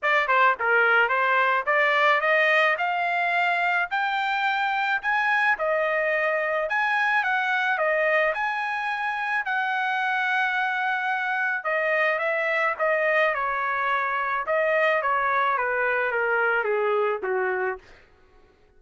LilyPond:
\new Staff \with { instrumentName = "trumpet" } { \time 4/4 \tempo 4 = 108 d''8 c''8 ais'4 c''4 d''4 | dis''4 f''2 g''4~ | g''4 gis''4 dis''2 | gis''4 fis''4 dis''4 gis''4~ |
gis''4 fis''2.~ | fis''4 dis''4 e''4 dis''4 | cis''2 dis''4 cis''4 | b'4 ais'4 gis'4 fis'4 | }